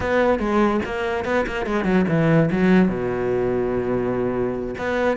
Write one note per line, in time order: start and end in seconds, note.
0.00 0.39 B3
0.39 0.80 G#3
0.85 1.24 A#3
1.24 1.45 B3
1.47 1.66 A#3
1.66 1.84 G#3
1.84 2.05 F#3
2.08 2.49 E3
2.51 2.88 F#3
2.88 4.74 B2
4.78 5.17 B3